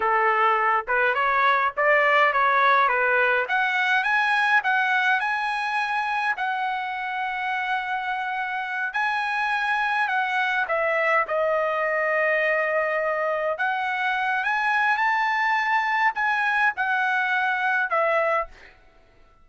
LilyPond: \new Staff \with { instrumentName = "trumpet" } { \time 4/4 \tempo 4 = 104 a'4. b'8 cis''4 d''4 | cis''4 b'4 fis''4 gis''4 | fis''4 gis''2 fis''4~ | fis''2.~ fis''8 gis''8~ |
gis''4. fis''4 e''4 dis''8~ | dis''2.~ dis''8 fis''8~ | fis''4 gis''4 a''2 | gis''4 fis''2 e''4 | }